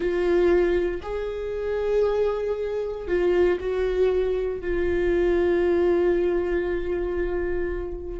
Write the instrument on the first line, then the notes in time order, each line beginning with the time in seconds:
viola
0.00 F4
1.02 G#4
3.07 F4
3.59 F#4
4.60 F4